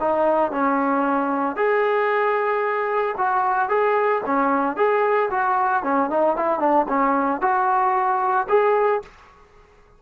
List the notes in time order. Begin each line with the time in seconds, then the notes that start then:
0.00 D#4
0.52 C#4
1.56 G#4
3.18 F#4
3.69 G#4
4.26 C#4
4.77 G#4
5.30 F#4
5.84 C#4
6.10 D#4
6.36 E4
6.60 D4
6.89 C#4
7.41 F#4
8.49 G#4